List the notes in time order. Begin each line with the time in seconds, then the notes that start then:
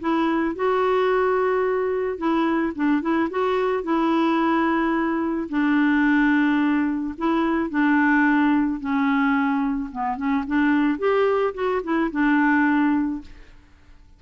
0.00 E4
0.55 F#4
2.18 E4
2.75 D4
3.01 E4
3.30 F#4
3.83 E4
5.49 D4
7.17 E4
7.70 D4
8.80 C#4
9.92 B3
10.17 C#4
10.47 D4
10.98 G4
11.54 F#4
11.83 E4
12.11 D4